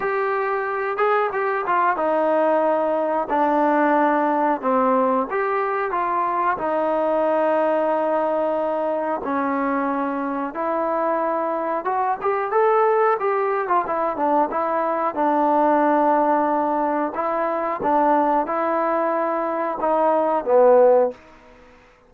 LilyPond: \new Staff \with { instrumentName = "trombone" } { \time 4/4 \tempo 4 = 91 g'4. gis'8 g'8 f'8 dis'4~ | dis'4 d'2 c'4 | g'4 f'4 dis'2~ | dis'2 cis'2 |
e'2 fis'8 g'8 a'4 | g'8. f'16 e'8 d'8 e'4 d'4~ | d'2 e'4 d'4 | e'2 dis'4 b4 | }